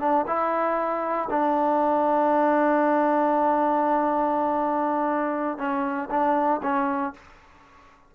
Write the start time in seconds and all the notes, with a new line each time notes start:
0.00 D4
0.27 E4
1.31 D4
5.58 C#4
6.11 D4
6.63 C#4